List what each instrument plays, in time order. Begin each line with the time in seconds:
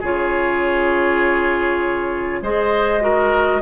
0.00 bassoon C#3, clarinet F4, oboe G#4, flute C#5
2.42 bassoon G#3, clarinet G#4, oboe C5, flute D#5
3.00 clarinet F#4, oboe A#4